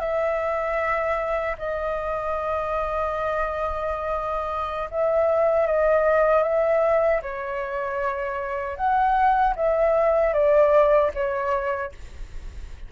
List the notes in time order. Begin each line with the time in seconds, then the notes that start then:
0.00 E5
1.58 D#5
4.91 E5
5.67 D#5
6.43 E5
7.23 C#5
8.77 F#5
9.56 E5
10.33 D5
11.14 C#5